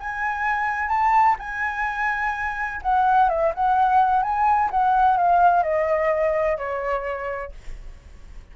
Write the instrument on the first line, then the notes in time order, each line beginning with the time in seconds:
flute
0.00 G#5
0.89 A5
1.39 G#5
2.82 F#5
3.29 E5
3.55 F#5
4.23 G#5
4.71 F#5
5.17 F5
5.63 D#5
6.58 C#5